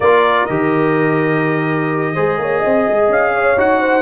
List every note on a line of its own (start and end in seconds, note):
0.00 0.46 A#3
0.00 0.49 F4
0.00 2.14 A#4
0.00 0.46 D5
0.46 2.15 D#3
0.46 2.15 G4
0.46 3.07 D#5
2.14 2.38 G#3
2.14 3.57 G#4
2.14 2.38 C5
2.38 2.62 A#3
2.38 2.59 C#5
2.59 2.88 C4
2.59 3.31 D#5
2.88 3.09 G#3
3.09 3.56 C#4
3.09 3.59 F5
3.33 3.80 C#5
3.57 4.01 D#4
3.57 4.01 F#4
3.57 4.01 F#5
3.80 4.01 C5